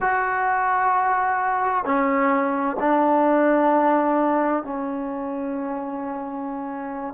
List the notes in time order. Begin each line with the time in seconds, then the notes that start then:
0.00 F#4
1.84 C#4
2.79 D4
4.63 C#4